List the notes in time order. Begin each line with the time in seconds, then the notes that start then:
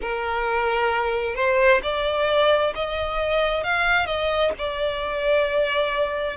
0.01 A#4
1.35 C5
1.82 D5
2.75 D#5
3.63 F5
4.06 D#5
4.58 D5